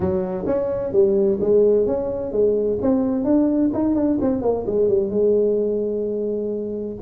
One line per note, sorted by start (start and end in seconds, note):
0.00 0.45 F#3
0.46 0.92 C#4
0.92 1.38 G3
1.40 1.86 G#3
1.86 2.32 C#4
2.32 2.78 G#3
2.81 3.24 C4
3.24 3.70 D4
3.73 3.95 D#4
3.95 4.18 D4
4.21 4.41 C4
4.41 4.65 A#3
4.66 4.88 G#3
4.88 5.10 G3
5.10 6.96 G#3